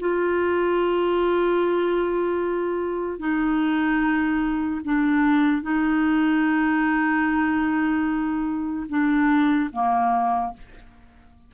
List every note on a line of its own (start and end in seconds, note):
0.00 3.19 F4
3.19 4.81 D#4
4.85 5.62 D4
5.62 8.87 D#4
8.89 9.70 D4
9.73 10.54 A#3